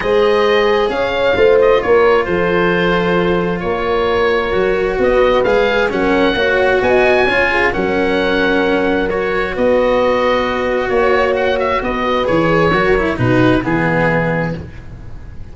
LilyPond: <<
  \new Staff \with { instrumentName = "oboe" } { \time 4/4 \tempo 4 = 132 dis''2 f''4. dis''8 | cis''4 c''2. | cis''2. dis''4 | f''4 fis''2 gis''4~ |
gis''4 fis''2. | cis''4 dis''2. | cis''4 fis''8 e''8 dis''4 cis''4~ | cis''4 b'4 gis'2 | }
  \new Staff \with { instrumentName = "horn" } { \time 4/4 c''2 cis''4 c''4 | ais'4 a'2. | ais'2. b'4~ | b'4 ais'4 cis''4 dis''4 |
cis''8 gis'8 ais'2.~ | ais'4 b'2. | cis''2 b'2 | ais'4 fis'4 e'2 | }
  \new Staff \with { instrumentName = "cello" } { \time 4/4 gis'2. f'4~ | f'1~ | f'2 fis'2 | gis'4 cis'4 fis'2 |
f'4 cis'2. | fis'1~ | fis'2. gis'4 | fis'8 e'8 dis'4 b2 | }
  \new Staff \with { instrumentName = "tuba" } { \time 4/4 gis2 cis'4 a4 | ais4 f2. | ais2 fis4 b4 | gis4 fis4 ais4 b4 |
cis'4 fis2.~ | fis4 b2. | ais2 b4 e4 | fis4 b,4 e2 | }
>>